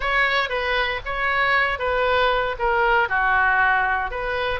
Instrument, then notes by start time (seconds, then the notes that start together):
oboe
0.00 C#5
0.49 B4
1.05 C#5
1.79 B4
2.59 A#4
3.09 F#4
4.10 B4